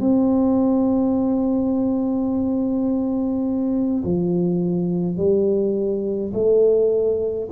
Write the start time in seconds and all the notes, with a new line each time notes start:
0.00 C4
4.04 F3
5.17 G3
6.34 A3